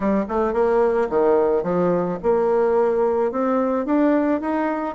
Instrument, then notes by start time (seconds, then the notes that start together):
bassoon
0.00 G3
0.28 A3
0.53 A#3
1.09 D#3
1.63 F3
2.23 A#3
3.31 C4
3.85 D4
4.40 D#4